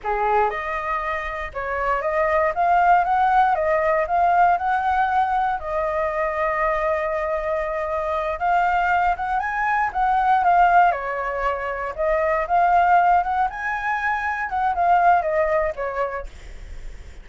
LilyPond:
\new Staff \with { instrumentName = "flute" } { \time 4/4 \tempo 4 = 118 gis'4 dis''2 cis''4 | dis''4 f''4 fis''4 dis''4 | f''4 fis''2 dis''4~ | dis''1~ |
dis''8 f''4. fis''8 gis''4 fis''8~ | fis''8 f''4 cis''2 dis''8~ | dis''8 f''4. fis''8 gis''4.~ | gis''8 fis''8 f''4 dis''4 cis''4 | }